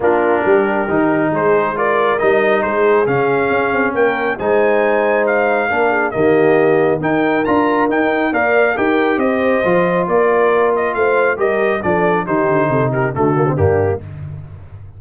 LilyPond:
<<
  \new Staff \with { instrumentName = "trumpet" } { \time 4/4 \tempo 4 = 137 ais'2. c''4 | d''4 dis''4 c''4 f''4~ | f''4 g''4 gis''2 | f''2 dis''2 |
g''4 ais''4 g''4 f''4 | g''4 dis''2 d''4~ | d''8 dis''8 f''4 dis''4 d''4 | c''4. ais'8 a'4 g'4 | }
  \new Staff \with { instrumentName = "horn" } { \time 4/4 f'4 g'2 gis'4 | ais'2 gis'2~ | gis'4 ais'4 c''2~ | c''4 ais'8 gis'8 g'2 |
ais'2. d''4 | ais'4 c''2 ais'4~ | ais'4 c''4 ais'4 a'4 | g'4 a'8 g'8 fis'4 d'4 | }
  \new Staff \with { instrumentName = "trombone" } { \time 4/4 d'2 dis'2 | f'4 dis'2 cis'4~ | cis'2 dis'2~ | dis'4 d'4 ais2 |
dis'4 f'4 dis'4 ais'4 | g'2 f'2~ | f'2 g'4 d'4 | dis'2 a8 ais16 c'16 ais4 | }
  \new Staff \with { instrumentName = "tuba" } { \time 4/4 ais4 g4 dis4 gis4~ | gis4 g4 gis4 cis4 | cis'8 c'8 ais4 gis2~ | gis4 ais4 dis2 |
dis'4 d'4 dis'4 ais4 | dis'4 c'4 f4 ais4~ | ais4 a4 g4 f4 | dis8 d8 c4 d4 g,4 | }
>>